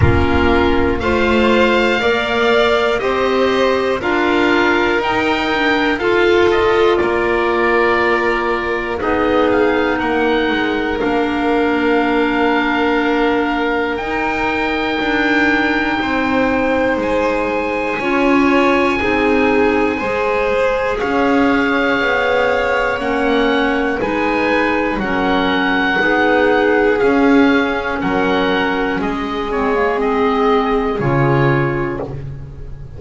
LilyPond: <<
  \new Staff \with { instrumentName = "oboe" } { \time 4/4 \tempo 4 = 60 ais'4 f''2 dis''4 | f''4 g''4 f''8 dis''8 d''4~ | d''4 dis''8 f''8 fis''4 f''4~ | f''2 g''2~ |
g''4 gis''2.~ | gis''4 f''2 fis''4 | gis''4 fis''2 f''4 | fis''4 dis''8 cis''8 dis''4 cis''4 | }
  \new Staff \with { instrumentName = "violin" } { \time 4/4 f'4 c''4 d''4 c''4 | ais'2 a'4 ais'4~ | ais'4 gis'4 ais'2~ | ais'1 |
c''2 cis''4 gis'4 | c''4 cis''2. | b'4 ais'4 gis'2 | ais'4 gis'2. | }
  \new Staff \with { instrumentName = "clarinet" } { \time 4/4 cis'4 f'4 ais'4 g'4 | f'4 dis'8 d'8 f'2~ | f'4 dis'2 d'4~ | d'2 dis'2~ |
dis'2 f'4 dis'4 | gis'2. cis'4 | dis'4 cis'4 dis'4 cis'4~ | cis'4. c'16 ais16 c'4 f'4 | }
  \new Staff \with { instrumentName = "double bass" } { \time 4/4 ais4 a4 ais4 c'4 | d'4 dis'4 f'4 ais4~ | ais4 b4 ais8 gis8 ais4~ | ais2 dis'4 d'4 |
c'4 gis4 cis'4 c'4 | gis4 cis'4 b4 ais4 | gis4 fis4 b4 cis'4 | fis4 gis2 cis4 | }
>>